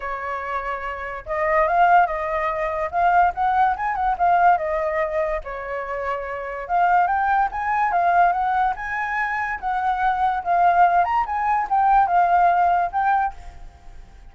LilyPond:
\new Staff \with { instrumentName = "flute" } { \time 4/4 \tempo 4 = 144 cis''2. dis''4 | f''4 dis''2 f''4 | fis''4 gis''8 fis''8 f''4 dis''4~ | dis''4 cis''2. |
f''4 g''4 gis''4 f''4 | fis''4 gis''2 fis''4~ | fis''4 f''4. ais''8 gis''4 | g''4 f''2 g''4 | }